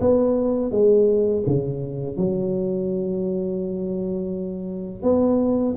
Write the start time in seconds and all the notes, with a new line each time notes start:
0.00 B3
0.71 G#3
1.46 C#3
2.17 F#3
5.02 B3